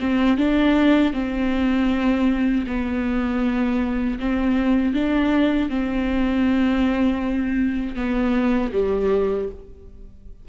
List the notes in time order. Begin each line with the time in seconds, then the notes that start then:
0.00 C4
0.38 D4
1.14 C4
2.67 B3
4.19 C4
4.94 D4
5.70 C4
7.96 B3
8.73 G3